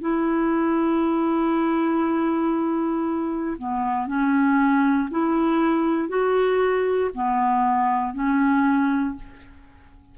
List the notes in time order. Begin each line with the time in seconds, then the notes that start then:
0.00 E4
3.57 B3
4.07 C#4
5.10 E4
6.08 F#4
7.14 B3
8.14 C#4